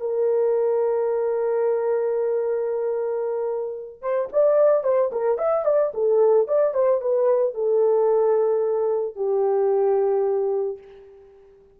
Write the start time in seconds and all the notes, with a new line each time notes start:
0.00 A#4
4.01 C5
4.32 D5
4.84 C5
5.12 A#4
5.38 E5
5.65 D5
5.94 A4
6.47 D5
6.74 C5
7.01 B4
7.55 A4
9.16 G4